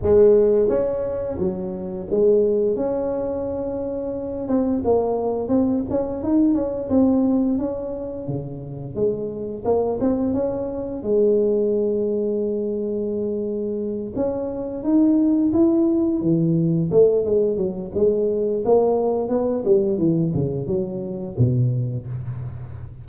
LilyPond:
\new Staff \with { instrumentName = "tuba" } { \time 4/4 \tempo 4 = 87 gis4 cis'4 fis4 gis4 | cis'2~ cis'8 c'8 ais4 | c'8 cis'8 dis'8 cis'8 c'4 cis'4 | cis4 gis4 ais8 c'8 cis'4 |
gis1~ | gis8 cis'4 dis'4 e'4 e8~ | e8 a8 gis8 fis8 gis4 ais4 | b8 g8 e8 cis8 fis4 b,4 | }